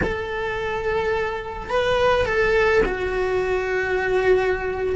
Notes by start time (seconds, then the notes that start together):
0.03 A4
1.70 B4
2.25 A4
2.85 F#4